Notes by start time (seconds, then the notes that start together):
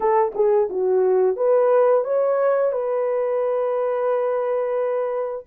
0.00 A4
0.34 G#4
0.69 F#4
1.36 B4
2.04 C#5
2.71 B4